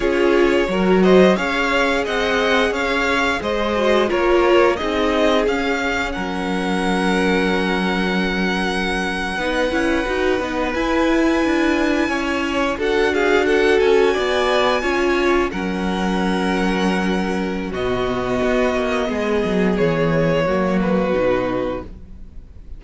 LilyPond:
<<
  \new Staff \with { instrumentName = "violin" } { \time 4/4 \tempo 4 = 88 cis''4. dis''8 f''4 fis''4 | f''4 dis''4 cis''4 dis''4 | f''4 fis''2.~ | fis''2.~ fis''8. gis''16~ |
gis''2~ gis''8. fis''8 f''8 fis''16~ | fis''16 gis''2~ gis''8 fis''4~ fis''16~ | fis''2 dis''2~ | dis''4 cis''4. b'4. | }
  \new Staff \with { instrumentName = "violin" } { \time 4/4 gis'4 ais'8 c''8 cis''4 dis''4 | cis''4 c''4 ais'4 gis'4~ | gis'4 ais'2.~ | ais'4.~ ais'16 b'2~ b'16~ |
b'4.~ b'16 cis''4 a'8 gis'8 a'16~ | a'8. d''4 cis''4 ais'4~ ais'16~ | ais'2 fis'2 | gis'2 fis'2 | }
  \new Staff \with { instrumentName = "viola" } { \time 4/4 f'4 fis'4 gis'2~ | gis'4. fis'8 f'4 dis'4 | cis'1~ | cis'4.~ cis'16 dis'8 e'8 fis'8 dis'8 e'16~ |
e'2~ e'8. fis'4~ fis'16~ | fis'4.~ fis'16 f'4 cis'4~ cis'16~ | cis'2 b2~ | b2 ais4 dis'4 | }
  \new Staff \with { instrumentName = "cello" } { \time 4/4 cis'4 fis4 cis'4 c'4 | cis'4 gis4 ais4 c'4 | cis'4 fis2.~ | fis4.~ fis16 b8 cis'8 dis'8 b8 e'16~ |
e'8. d'4 cis'4 d'4~ d'16~ | d'16 cis'8 b4 cis'4 fis4~ fis16~ | fis2 b,4 b8 ais8 | gis8 fis8 e4 fis4 b,4 | }
>>